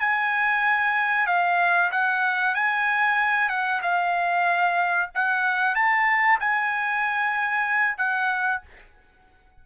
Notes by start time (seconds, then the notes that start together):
0.00 G#5
1.27 F5
1.91 F#5
2.55 G#5
3.49 F#5
3.82 F5
5.14 F#5
5.75 A5
6.40 G#5
7.98 F#5